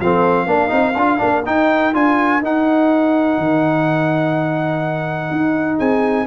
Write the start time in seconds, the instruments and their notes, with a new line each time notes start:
0.00 tuba F3, trombone C4, horn A4, trumpet F5
0.46 tuba A#3, trombone D4, horn A#4
0.68 tuba C4, trombone D#4
0.96 tuba D4, trombone F4
1.18 tuba A#3, trombone D4
1.45 trombone D#4, tuba D#4, trumpet G5
1.93 tuba D4, trombone F4, trumpet G#5
2.41 trombone D#4, tuba D#4, trumpet F#5
3.38 tuba D#3
5.31 tuba D#4
5.78 tuba C4, horn G#4, trumpet G#5